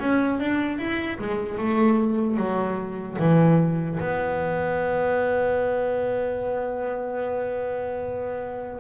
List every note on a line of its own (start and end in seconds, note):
0.00 0.40 C#4
0.40 0.79 D4
0.79 1.19 E4
1.19 1.59 G#3
1.59 2.37 A3
2.37 3.17 F#3
3.19 3.99 E3
4.00 8.80 B3